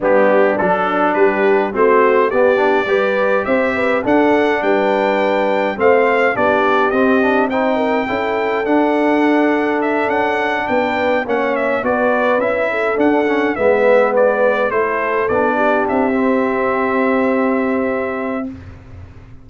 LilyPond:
<<
  \new Staff \with { instrumentName = "trumpet" } { \time 4/4 \tempo 4 = 104 g'4 a'4 b'4 c''4 | d''2 e''4 fis''4 | g''2 f''4 d''4 | dis''4 g''2 fis''4~ |
fis''4 e''8 fis''4 g''4 fis''8 | e''8 d''4 e''4 fis''4 e''8~ | e''8 d''4 c''4 d''4 e''8~ | e''1 | }
  \new Staff \with { instrumentName = "horn" } { \time 4/4 d'2 g'4 fis'4 | g'4 b'4 c''8 b'8 a'4 | b'2 c''4 g'4~ | g'4 c''8 ais'8 a'2~ |
a'2~ a'8 b'4 cis''8~ | cis''8 b'4. a'4. b'8~ | b'4. a'4. g'4~ | g'1 | }
  \new Staff \with { instrumentName = "trombone" } { \time 4/4 b4 d'2 c'4 | b8 d'8 g'2 d'4~ | d'2 c'4 d'4 | c'8 d'8 dis'4 e'4 d'4~ |
d'2.~ d'8 cis'8~ | cis'8 fis'4 e'4 d'8 cis'8 b8~ | b4. e'4 d'4. | c'1 | }
  \new Staff \with { instrumentName = "tuba" } { \time 4/4 g4 fis4 g4 a4 | b4 g4 c'4 d'4 | g2 a4 b4 | c'2 cis'4 d'4~ |
d'4. cis'4 b4 ais8~ | ais8 b4 cis'4 d'4 gis8~ | gis4. a4 b4 c'8~ | c'1 | }
>>